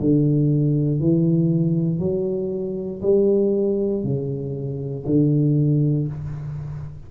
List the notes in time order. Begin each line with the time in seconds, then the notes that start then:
0.00 D3
1.00 E3
1.99 F#3
3.02 G3
4.04 C#3
5.06 D3